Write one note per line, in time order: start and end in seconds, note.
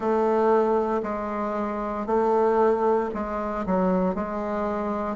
0.00 1.01 A3
1.03 2.06 G#3
2.06 3.09 A3
3.14 3.65 G#3
3.65 4.14 F#3
4.14 5.16 G#3